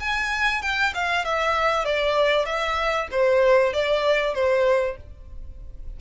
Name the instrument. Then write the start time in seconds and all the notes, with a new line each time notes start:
violin
0.00 G#5
0.62 G5
0.95 F5
1.25 E5
1.86 D5
2.46 E5
3.12 C5
3.74 D5
4.35 C5